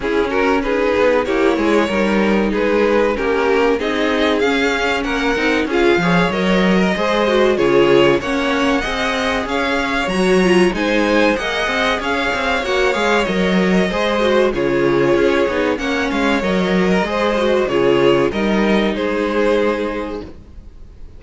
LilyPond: <<
  \new Staff \with { instrumentName = "violin" } { \time 4/4 \tempo 4 = 95 gis'8 ais'8 b'4 cis''2 | b'4 ais'4 dis''4 f''4 | fis''4 f''4 dis''2 | cis''4 fis''2 f''4 |
ais''4 gis''4 fis''4 f''4 | fis''8 f''8 dis''2 cis''4~ | cis''4 fis''8 f''8 dis''2 | cis''4 dis''4 c''2 | }
  \new Staff \with { instrumentName = "violin" } { \time 4/4 e'8 fis'8 gis'4 g'8 gis'8 ais'4 | gis'4 g'4 gis'2 | ais'4 gis'8 cis''4~ cis''16 ais'16 c''4 | gis'4 cis''4 dis''4 cis''4~ |
cis''4 c''4 dis''4 cis''4~ | cis''2 c''4 gis'4~ | gis'4 cis''4.~ cis''16 ais'16 c''4 | gis'4 ais'4 gis'2 | }
  \new Staff \with { instrumentName = "viola" } { \time 4/4 cis'4 dis'4 e'4 dis'4~ | dis'4 cis'4 dis'4 cis'4~ | cis'8 dis'8 f'8 gis'8 ais'4 gis'8 fis'8 | f'4 cis'4 gis'2 |
fis'8 f'8 dis'4 gis'2 | fis'8 gis'8 ais'4 gis'8 fis'8 f'4~ | f'8 dis'8 cis'4 ais'4 gis'8 fis'8 | f'4 dis'2. | }
  \new Staff \with { instrumentName = "cello" } { \time 4/4 cis'4. b8 ais8 gis8 g4 | gis4 ais4 c'4 cis'4 | ais8 c'8 cis'8 f8 fis4 gis4 | cis4 ais4 c'4 cis'4 |
fis4 gis4 ais8 c'8 cis'8 c'8 | ais8 gis8 fis4 gis4 cis4 | cis'8 b8 ais8 gis8 fis4 gis4 | cis4 g4 gis2 | }
>>